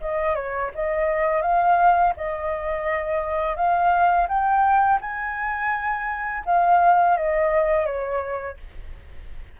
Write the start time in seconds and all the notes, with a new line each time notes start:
0.00 D#5
0.34 C#5
0.74 D#5
1.42 F5
2.16 D#5
3.56 F5
4.28 G5
5.01 G#5
6.45 F5
7.17 D#5
7.85 C#5